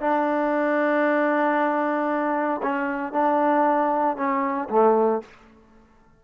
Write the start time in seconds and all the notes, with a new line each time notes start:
0.00 D4
2.63 C#4
3.13 D4
4.16 C#4
4.70 A3